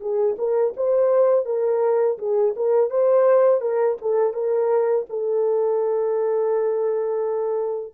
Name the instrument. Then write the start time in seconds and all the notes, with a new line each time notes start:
horn
0.00 G#4
0.38 A#4
0.77 C5
1.46 A#4
2.18 G#4
2.56 A#4
2.90 C5
3.61 A#4
4.02 A4
4.33 A#4
5.09 A4